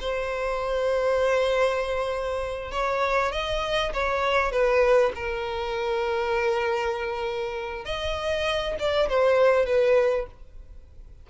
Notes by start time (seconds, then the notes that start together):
0.00 C5
2.71 C#5
3.32 D#5
3.93 C#5
4.52 B4
5.15 A#4
7.85 D#5
8.79 D5
9.09 C5
9.66 B4